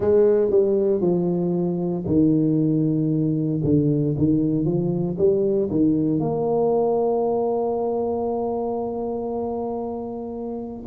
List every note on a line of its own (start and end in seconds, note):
0.00 0.50 G#3
0.50 1.01 G3
1.01 2.04 F3
2.06 3.61 D#3
3.63 4.15 D3
4.17 4.65 D#3
4.65 5.17 F3
5.18 5.69 G3
5.70 6.19 D#3
6.19 10.85 A#3